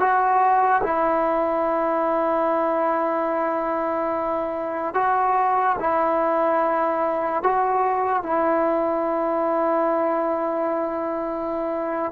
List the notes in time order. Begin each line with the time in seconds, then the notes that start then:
0.00 F#4
0.83 E4
4.95 F#4
5.80 E4
7.43 F#4
8.23 E4